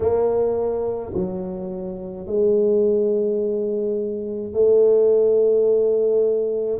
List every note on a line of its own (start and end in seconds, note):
0.00 1.13 A#3
1.13 2.26 F#3
2.26 4.53 G#3
4.53 6.79 A3